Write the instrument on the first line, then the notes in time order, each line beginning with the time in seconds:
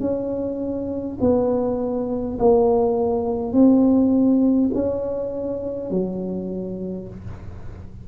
tuba
0.00 C#4
1.20 B3
2.39 A#3
3.53 C4
4.74 C#4
5.90 F#3